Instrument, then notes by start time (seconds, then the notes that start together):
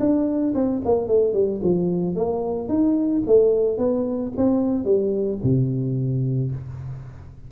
tuba
0.00 D4
0.55 C4
0.86 A#3
1.08 A3
1.34 G3
1.63 F3
2.16 A#3
2.69 D#4
3.27 A3
3.78 B3
4.37 C4
4.85 G3
5.43 C3